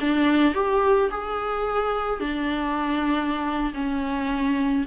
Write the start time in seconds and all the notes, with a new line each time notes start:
0.00 D4
0.54 G4
1.10 G#4
2.20 D4
3.73 C#4